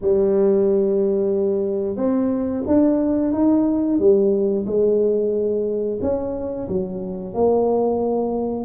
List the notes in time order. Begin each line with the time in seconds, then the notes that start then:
0.01 G3
1.96 C4
2.66 D4
3.32 D#4
3.98 G3
4.66 G#3
6.01 C#4
6.68 F#3
7.33 A#3